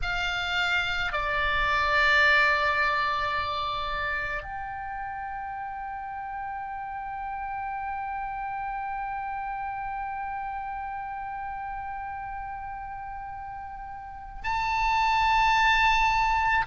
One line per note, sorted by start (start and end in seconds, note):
0.02 1.12 F5
1.12 4.42 D5
4.42 14.42 G5
14.43 16.65 A5